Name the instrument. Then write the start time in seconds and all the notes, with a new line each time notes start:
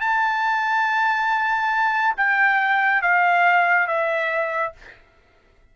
trumpet
0.00 A5
2.17 G5
3.02 F5
3.87 E5